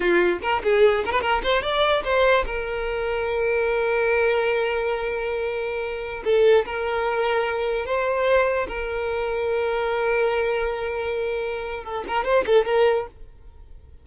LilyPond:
\new Staff \with { instrumentName = "violin" } { \time 4/4 \tempo 4 = 147 f'4 ais'8 gis'4 ais'16 b'16 ais'8 c''8 | d''4 c''4 ais'2~ | ais'1~ | ais'2.~ ais'16 a'8.~ |
a'16 ais'2. c''8.~ | c''4~ c''16 ais'2~ ais'8.~ | ais'1~ | ais'4 a'8 ais'8 c''8 a'8 ais'4 | }